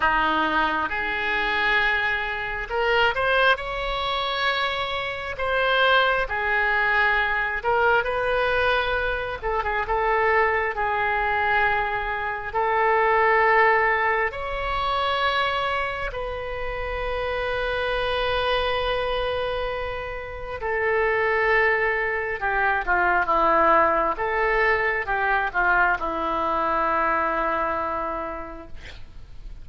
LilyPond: \new Staff \with { instrumentName = "oboe" } { \time 4/4 \tempo 4 = 67 dis'4 gis'2 ais'8 c''8 | cis''2 c''4 gis'4~ | gis'8 ais'8 b'4. a'16 gis'16 a'4 | gis'2 a'2 |
cis''2 b'2~ | b'2. a'4~ | a'4 g'8 f'8 e'4 a'4 | g'8 f'8 e'2. | }